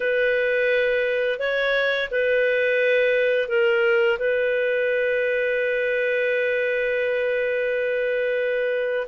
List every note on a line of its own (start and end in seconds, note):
0.00 1.39 B4
1.39 2.09 C#5
2.10 3.48 B4
3.48 4.18 A#4
4.18 9.07 B4